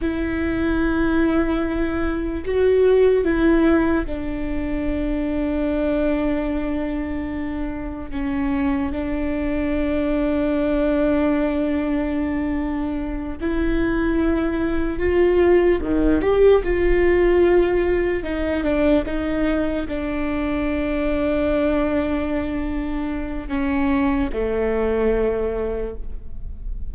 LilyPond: \new Staff \with { instrumentName = "viola" } { \time 4/4 \tempo 4 = 74 e'2. fis'4 | e'4 d'2.~ | d'2 cis'4 d'4~ | d'1~ |
d'8 e'2 f'4 dis8 | g'8 f'2 dis'8 d'8 dis'8~ | dis'8 d'2.~ d'8~ | d'4 cis'4 a2 | }